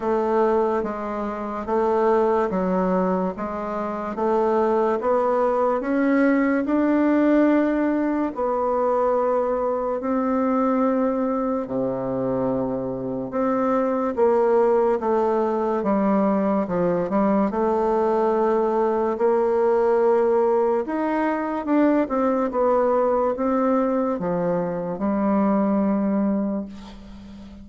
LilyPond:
\new Staff \with { instrumentName = "bassoon" } { \time 4/4 \tempo 4 = 72 a4 gis4 a4 fis4 | gis4 a4 b4 cis'4 | d'2 b2 | c'2 c2 |
c'4 ais4 a4 g4 | f8 g8 a2 ais4~ | ais4 dis'4 d'8 c'8 b4 | c'4 f4 g2 | }